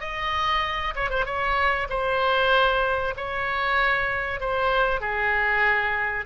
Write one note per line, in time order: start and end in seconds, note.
0.00 0.94 D#5
0.95 1.09 C#5
1.09 1.25 C5
1.25 1.88 C#5
1.89 3.14 C5
3.16 4.40 C#5
4.40 5.00 C5
5.00 6.25 G#4